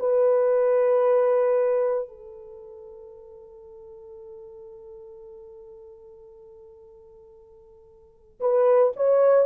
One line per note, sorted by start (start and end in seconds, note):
0.00 2.09 B4
2.09 8.40 A4
8.41 8.93 B4
8.97 9.46 C#5